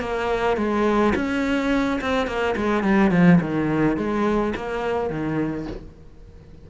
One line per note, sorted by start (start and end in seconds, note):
0.00 0.57 A#3
0.57 1.13 G#3
1.15 2.00 C#4
2.01 2.27 C4
2.27 2.55 A#3
2.56 2.83 G#3
2.83 3.11 G3
3.11 3.39 F3
3.41 3.97 D#3
3.97 4.53 G#3
4.56 5.10 A#3
5.10 5.67 D#3